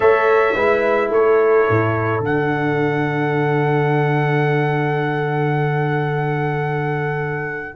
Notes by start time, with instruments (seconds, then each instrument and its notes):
0.00 tuba A3, trombone A4, horn C#5, trumpet E5
0.55 tuba G#3, trombone E4, horn B4
1.10 tuba A3, horn A4, trumpet C#5
1.69 tuba A2
2.19 tuba D3, trombone D4, trumpet F#5